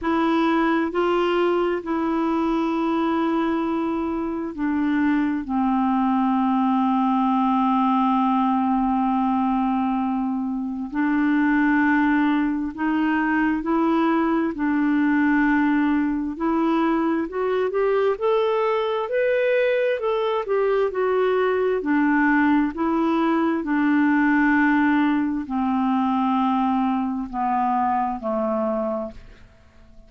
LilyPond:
\new Staff \with { instrumentName = "clarinet" } { \time 4/4 \tempo 4 = 66 e'4 f'4 e'2~ | e'4 d'4 c'2~ | c'1 | d'2 dis'4 e'4 |
d'2 e'4 fis'8 g'8 | a'4 b'4 a'8 g'8 fis'4 | d'4 e'4 d'2 | c'2 b4 a4 | }